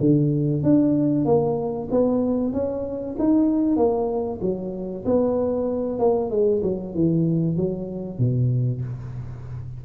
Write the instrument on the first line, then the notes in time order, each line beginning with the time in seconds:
tuba
0.00 D3
0.63 D4
1.25 A#3
1.91 B3
2.53 C#4
3.19 D#4
3.77 A#3
4.42 F#3
5.05 B3
5.99 A#3
6.31 G#3
6.63 F#3
6.95 E3
7.56 F#3
8.19 B2